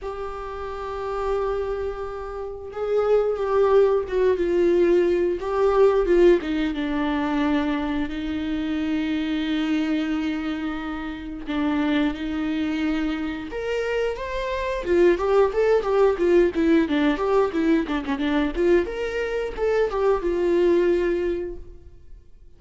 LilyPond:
\new Staff \with { instrumentName = "viola" } { \time 4/4 \tempo 4 = 89 g'1 | gis'4 g'4 fis'8 f'4. | g'4 f'8 dis'8 d'2 | dis'1~ |
dis'4 d'4 dis'2 | ais'4 c''4 f'8 g'8 a'8 g'8 | f'8 e'8 d'8 g'8 e'8 d'16 cis'16 d'8 f'8 | ais'4 a'8 g'8 f'2 | }